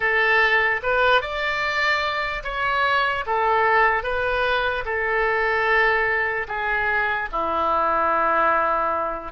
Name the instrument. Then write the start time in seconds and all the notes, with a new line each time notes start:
oboe
0.00 A4
0.83 B4
1.21 D5
2.43 C#5
3.26 A4
4.03 B4
4.85 A4
6.48 G#4
7.32 E4